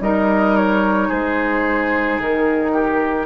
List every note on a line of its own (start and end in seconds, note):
0.00 1.09 G3
0.00 3.26 D#4
0.00 1.08 A#4
0.00 0.56 D#5
0.57 1.11 C#5
1.08 2.19 G#3
1.08 2.72 G#4
1.08 2.20 C5
2.19 3.26 D#3
2.19 3.26 A#4
2.73 3.26 G4